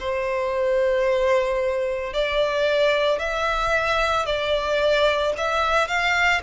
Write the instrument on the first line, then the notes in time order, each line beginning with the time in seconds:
violin
0.00 C5
2.14 D5
3.19 E5
4.26 D5
5.38 E5
5.88 F5